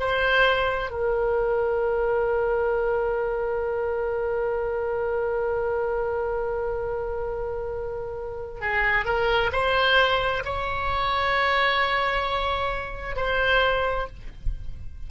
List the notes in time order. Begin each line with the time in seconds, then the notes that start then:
0.00 C5
0.90 A#4
8.61 G#4
9.05 A#4
9.53 C5
10.45 C#5
13.17 C5